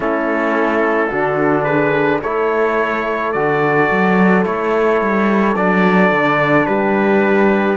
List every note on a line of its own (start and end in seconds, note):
0.00 1.10 A3
0.00 1.11 C#4
0.00 1.09 E4
0.00 1.64 A4
1.09 2.22 D3
1.09 2.22 D4
1.09 1.65 F#4
1.64 2.20 G#4
1.64 2.19 B4
2.22 3.34 A3
2.22 3.34 E4
2.22 6.66 A4
2.22 3.32 C#5
3.32 3.90 D3
3.32 4.43 F#4
3.32 4.43 D5
3.90 4.45 F#3
4.43 5.01 A3
4.43 5.54 E4
4.43 5.56 C#5
5.01 5.56 G3
5.56 6.11 F#3
5.56 7.77 D4
5.56 6.66 D5
6.11 6.66 D3
6.66 7.77 G3
6.66 7.77 G4
6.66 7.77 B4